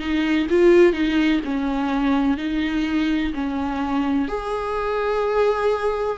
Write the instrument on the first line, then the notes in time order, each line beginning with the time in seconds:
viola
0.00 D#4
0.50 F4
0.93 D#4
1.45 C#4
2.38 D#4
3.34 C#4
4.29 G#4